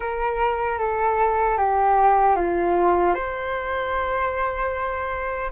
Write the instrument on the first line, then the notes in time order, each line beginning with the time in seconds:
flute
0.00 A#4
0.78 A4
1.57 G4
2.36 F4
3.14 C5